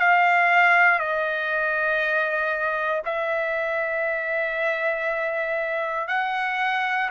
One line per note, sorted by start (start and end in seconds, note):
0.00 0.99 F5
0.99 3.03 D#5
3.06 6.08 E5
6.08 7.10 F#5